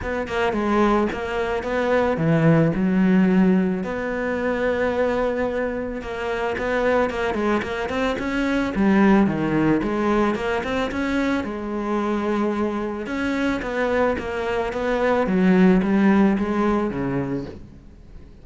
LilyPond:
\new Staff \with { instrumentName = "cello" } { \time 4/4 \tempo 4 = 110 b8 ais8 gis4 ais4 b4 | e4 fis2 b4~ | b2. ais4 | b4 ais8 gis8 ais8 c'8 cis'4 |
g4 dis4 gis4 ais8 c'8 | cis'4 gis2. | cis'4 b4 ais4 b4 | fis4 g4 gis4 cis4 | }